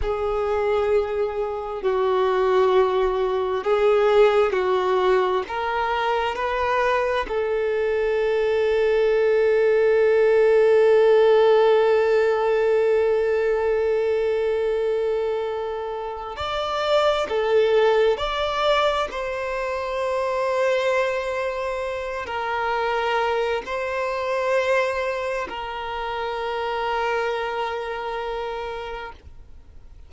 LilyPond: \new Staff \with { instrumentName = "violin" } { \time 4/4 \tempo 4 = 66 gis'2 fis'2 | gis'4 fis'4 ais'4 b'4 | a'1~ | a'1~ |
a'2 d''4 a'4 | d''4 c''2.~ | c''8 ais'4. c''2 | ais'1 | }